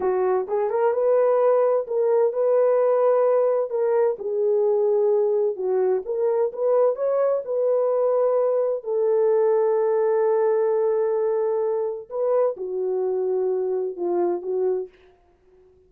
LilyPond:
\new Staff \with { instrumentName = "horn" } { \time 4/4 \tempo 4 = 129 fis'4 gis'8 ais'8 b'2 | ais'4 b'2. | ais'4 gis'2. | fis'4 ais'4 b'4 cis''4 |
b'2. a'4~ | a'1~ | a'2 b'4 fis'4~ | fis'2 f'4 fis'4 | }